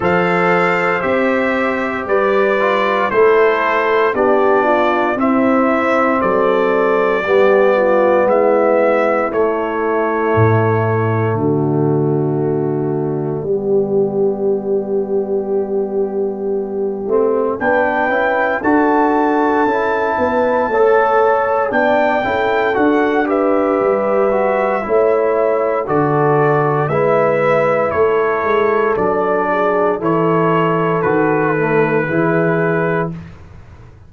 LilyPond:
<<
  \new Staff \with { instrumentName = "trumpet" } { \time 4/4 \tempo 4 = 58 f''4 e''4 d''4 c''4 | d''4 e''4 d''2 | e''4 cis''2 d''4~ | d''1~ |
d''4 g''4 a''2~ | a''4 g''4 fis''8 e''4.~ | e''4 d''4 e''4 cis''4 | d''4 cis''4 b'2 | }
  \new Staff \with { instrumentName = "horn" } { \time 4/4 c''2 b'4 a'4 | g'8 f'8 e'4 a'4 g'8 f'8 | e'2. fis'4~ | fis'4 g'2.~ |
g'4 b'4 a'4. b'8 | cis''4 d''8 a'4 b'4. | cis''4 a'4 b'4 a'4~ | a'8 gis'8 a'2 gis'4 | }
  \new Staff \with { instrumentName = "trombone" } { \time 4/4 a'4 g'4. f'8 e'4 | d'4 c'2 b4~ | b4 a2.~ | a4 b2.~ |
b8 c'8 d'8 e'8 fis'4 e'4 | a'4 d'8 e'8 fis'8 g'4 fis'8 | e'4 fis'4 e'2 | d'4 e'4 fis'8 a8 e'4 | }
  \new Staff \with { instrumentName = "tuba" } { \time 4/4 f4 c'4 g4 a4 | b4 c'4 fis4 g4 | gis4 a4 a,4 d4~ | d4 g2.~ |
g8 a8 b8 cis'8 d'4 cis'8 b8 | a4 b8 cis'8 d'4 g4 | a4 d4 gis4 a8 gis8 | fis4 e4 dis4 e4 | }
>>